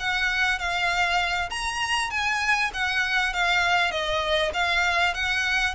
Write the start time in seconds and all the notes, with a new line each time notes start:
0.00 F#5
0.59 F5
1.50 A#5
2.11 G#5
2.74 F#5
3.34 F5
3.91 D#5
4.54 F5
5.15 F#5